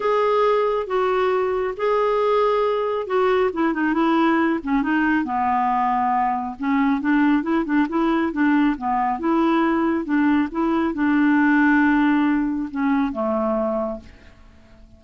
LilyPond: \new Staff \with { instrumentName = "clarinet" } { \time 4/4 \tempo 4 = 137 gis'2 fis'2 | gis'2. fis'4 | e'8 dis'8 e'4. cis'8 dis'4 | b2. cis'4 |
d'4 e'8 d'8 e'4 d'4 | b4 e'2 d'4 | e'4 d'2.~ | d'4 cis'4 a2 | }